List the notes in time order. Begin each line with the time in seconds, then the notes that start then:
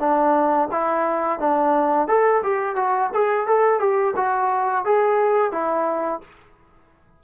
0.00 D4
0.72 E4
1.40 D4
2.08 A4
2.43 G4
2.76 F#4
3.14 G#4
3.47 A4
3.80 G4
4.16 F#4
4.85 G#4
5.52 E4